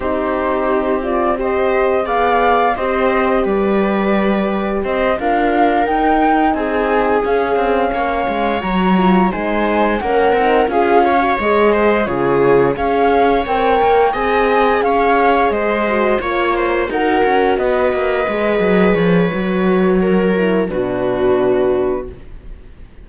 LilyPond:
<<
  \new Staff \with { instrumentName = "flute" } { \time 4/4 \tempo 4 = 87 c''4. d''8 dis''4 f''4 | dis''4 d''2 dis''8 f''8~ | f''8 g''4 gis''4 f''4.~ | f''8 ais''4 gis''4 fis''4 f''8~ |
f''8 dis''4 cis''4 f''4 g''8~ | g''8 gis''4 f''4 dis''4 cis''8~ | cis''8 fis''4 dis''2 cis''8~ | cis''2 b'2 | }
  \new Staff \with { instrumentName = "viola" } { \time 4/4 g'2 c''4 d''4 | c''4 b'2 c''8 ais'8~ | ais'4. gis'2 cis''8~ | cis''4. c''4 ais'4 gis'8 |
cis''4 c''8 gis'4 cis''4.~ | cis''8 dis''4 cis''4 c''4 cis''8 | c''8 ais'4 b'2~ b'8~ | b'4 ais'4 fis'2 | }
  \new Staff \with { instrumentName = "horn" } { \time 4/4 dis'4. f'8 g'4 gis'4 | g'2.~ g'8 f'8~ | f'8 dis'2 cis'4.~ | cis'8 fis'8 f'8 dis'4 cis'8 dis'8 f'8~ |
f'16 fis'16 gis'4 f'4 gis'4 ais'8~ | ais'8 gis'2~ gis'8 fis'8 f'8~ | f'8 fis'2 gis'4. | fis'4. e'8 d'2 | }
  \new Staff \with { instrumentName = "cello" } { \time 4/4 c'2. b4 | c'4 g2 c'8 d'8~ | d'8 dis'4 c'4 cis'8 c'8 ais8 | gis8 fis4 gis4 ais8 c'8 cis'8~ |
cis'8 gis4 cis4 cis'4 c'8 | ais8 c'4 cis'4 gis4 ais8~ | ais8 dis'8 cis'8 b8 ais8 gis8 fis8 f8 | fis2 b,2 | }
>>